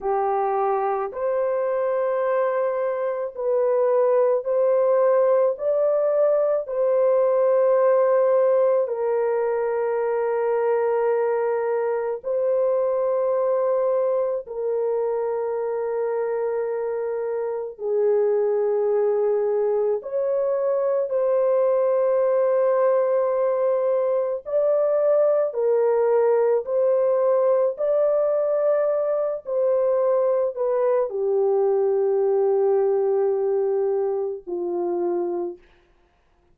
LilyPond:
\new Staff \with { instrumentName = "horn" } { \time 4/4 \tempo 4 = 54 g'4 c''2 b'4 | c''4 d''4 c''2 | ais'2. c''4~ | c''4 ais'2. |
gis'2 cis''4 c''4~ | c''2 d''4 ais'4 | c''4 d''4. c''4 b'8 | g'2. f'4 | }